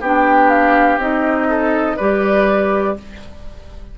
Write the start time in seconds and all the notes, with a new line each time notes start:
0.00 B3 D4 G4 G5
0.50 F5
0.97 C4 D#4 D#5
1.49 A4
1.97 G3 G4 B4 D5